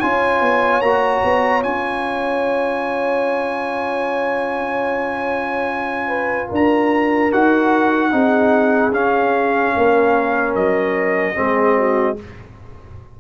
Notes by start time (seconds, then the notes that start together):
0.00 C#4 F4 C#5 G#5
0.41 B3
0.81 A#3 F#4 A#5
1.24 B3
1.63 C#4 F4 G#5
6.07 B4
6.49 D4 A#4 A#5
7.32 D#4 F#4 F#5
8.11 C4 D#4 G#4
8.91 C#4 F5
9.76 A#3 A#4
10.55 F#3 D#5
11.35 G#3 C4 G#4
11.77 F#4